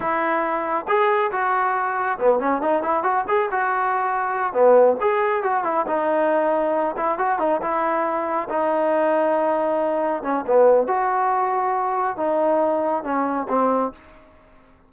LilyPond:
\new Staff \with { instrumentName = "trombone" } { \time 4/4 \tempo 4 = 138 e'2 gis'4 fis'4~ | fis'4 b8 cis'8 dis'8 e'8 fis'8 gis'8 | fis'2~ fis'8 b4 gis'8~ | gis'8 fis'8 e'8 dis'2~ dis'8 |
e'8 fis'8 dis'8 e'2 dis'8~ | dis'2.~ dis'8 cis'8 | b4 fis'2. | dis'2 cis'4 c'4 | }